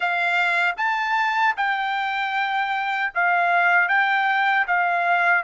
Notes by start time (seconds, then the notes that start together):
0.00 F5
0.77 A5
1.57 G5
3.14 F5
3.88 G5
4.67 F5